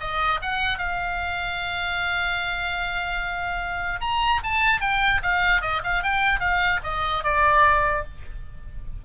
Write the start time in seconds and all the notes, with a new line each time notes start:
0.00 D#5
0.42 F#5
0.78 F5
4.00 A#5
4.43 A5
4.80 G5
5.23 F5
5.61 D#5
5.84 F5
6.03 G5
6.40 F5
6.83 D#5
7.24 D5